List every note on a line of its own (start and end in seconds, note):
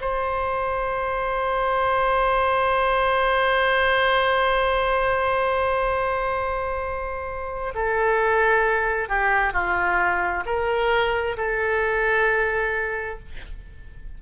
0.00 7.73 C5
7.74 9.08 A4
9.08 9.52 G4
9.52 10.43 F4
10.45 11.36 A#4
11.37 13.19 A4